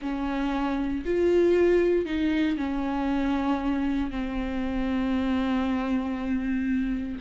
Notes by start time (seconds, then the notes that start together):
0.01 C#4
1.05 F4
2.05 D#4
2.57 C#4
4.10 C4